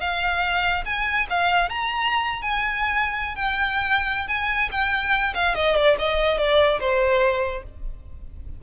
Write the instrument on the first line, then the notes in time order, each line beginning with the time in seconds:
violin
0.00 F5
0.85 G#5
1.29 F5
1.69 A#5
2.42 G#5
3.35 G5
4.28 G#5
4.71 G5
5.34 F5
5.55 D#5
5.76 D5
5.98 D#5
6.37 D5
6.79 C5